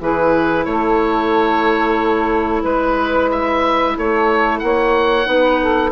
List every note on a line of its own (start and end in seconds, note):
0.00 0.66 E3
0.00 5.25 E4
0.00 0.66 G#4
0.00 0.65 B4
0.65 2.63 A3
0.65 2.62 A4
0.65 2.63 C#5
2.62 3.96 G#3
2.62 3.94 B4
2.62 3.30 B4
3.31 3.97 E5
3.95 4.62 A3
3.95 4.61 A4
3.95 4.59 C#5
4.59 5.26 A#3
4.59 5.27 C#5
4.59 5.91 F#5
5.25 5.92 B3
5.25 5.91 D#4
5.25 5.60 B4
5.60 5.92 A4